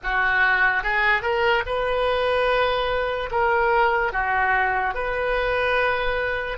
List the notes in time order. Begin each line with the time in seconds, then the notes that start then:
0.03 F#4
0.83 G#4
1.21 A#4
1.66 B4
3.31 A#4
4.12 F#4
4.94 B4